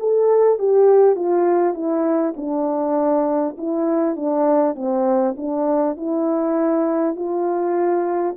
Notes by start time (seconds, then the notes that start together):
0.00 A4
0.59 G4
1.16 F4
1.75 E4
2.37 D4
3.58 E4
4.16 D4
4.76 C4
5.37 D4
5.97 E4
7.16 F4